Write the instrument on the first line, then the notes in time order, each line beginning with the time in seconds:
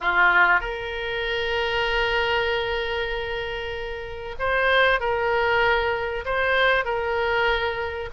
oboe
0.00 F4
0.60 A#4
4.39 C5
4.99 A#4
6.25 C5
6.84 A#4